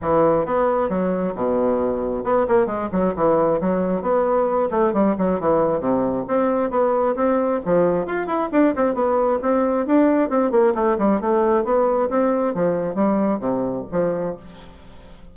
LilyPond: \new Staff \with { instrumentName = "bassoon" } { \time 4/4 \tempo 4 = 134 e4 b4 fis4 b,4~ | b,4 b8 ais8 gis8 fis8 e4 | fis4 b4. a8 g8 fis8 | e4 c4 c'4 b4 |
c'4 f4 f'8 e'8 d'8 c'8 | b4 c'4 d'4 c'8 ais8 | a8 g8 a4 b4 c'4 | f4 g4 c4 f4 | }